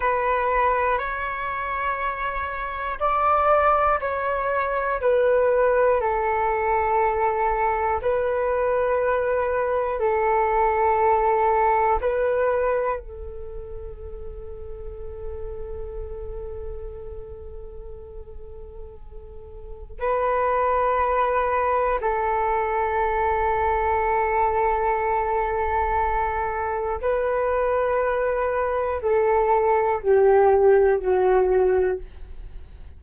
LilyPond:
\new Staff \with { instrumentName = "flute" } { \time 4/4 \tempo 4 = 60 b'4 cis''2 d''4 | cis''4 b'4 a'2 | b'2 a'2 | b'4 a'2.~ |
a'1 | b'2 a'2~ | a'2. b'4~ | b'4 a'4 g'4 fis'4 | }